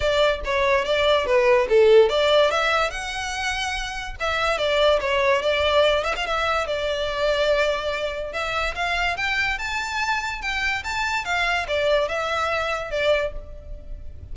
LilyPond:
\new Staff \with { instrumentName = "violin" } { \time 4/4 \tempo 4 = 144 d''4 cis''4 d''4 b'4 | a'4 d''4 e''4 fis''4~ | fis''2 e''4 d''4 | cis''4 d''4. e''16 f''16 e''4 |
d''1 | e''4 f''4 g''4 a''4~ | a''4 g''4 a''4 f''4 | d''4 e''2 d''4 | }